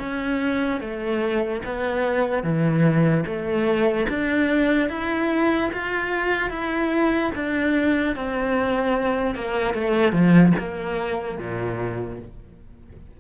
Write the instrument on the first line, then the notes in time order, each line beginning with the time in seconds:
cello
0.00 C#4
0.81 A3
1.66 B3
2.44 E3
3.27 A3
4.10 D4
4.90 E4
5.73 F4
6.50 E4
7.35 D4
8.16 C4
9.36 A#3
9.74 A3
10.13 F3
10.59 A#3
11.38 A#2